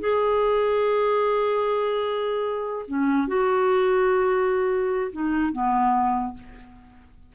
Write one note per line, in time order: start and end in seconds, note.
0.00 2.86 G#4
2.88 3.28 C#4
3.28 5.12 F#4
5.12 5.53 D#4
5.53 6.34 B3